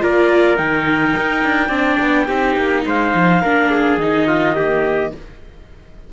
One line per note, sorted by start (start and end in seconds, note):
0.00 0.58 A#3
0.00 0.56 F4
0.00 1.68 A#4
0.00 0.57 D5
0.56 1.15 D#3
0.56 1.70 D#4
0.56 2.83 G5
1.17 1.44 D#4
1.44 1.69 D4
1.68 1.97 C4
1.68 2.27 D4
1.68 2.25 D5
2.00 2.28 B3
2.27 2.56 C4
2.27 3.42 D#4
2.27 2.84 G4
2.56 2.85 A#3
2.85 3.14 G#3
2.85 3.42 C5
2.85 3.98 F5
3.14 3.43 F3
3.42 3.98 A#3
3.42 4.00 D4
3.42 3.70 A#4
3.71 4.27 G#4
3.98 5.11 D#3
3.98 4.56 D#4
3.98 5.12 D#5
4.27 4.55 F4
4.56 5.12 A#3
4.56 5.12 G4